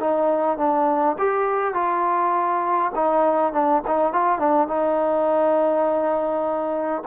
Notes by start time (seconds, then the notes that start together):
0.00 D#4
0.58 D4
1.19 G4
1.74 F4
2.95 D#4
3.53 D4
3.87 D#4
4.13 F4
4.39 D4
4.68 D#4